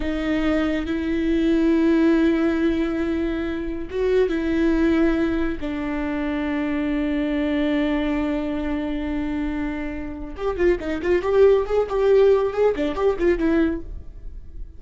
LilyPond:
\new Staff \with { instrumentName = "viola" } { \time 4/4 \tempo 4 = 139 dis'2 e'2~ | e'1~ | e'4 fis'4 e'2~ | e'4 d'2.~ |
d'1~ | d'1 | g'8 f'8 dis'8 f'8 g'4 gis'8 g'8~ | g'4 gis'8 d'8 g'8 f'8 e'4 | }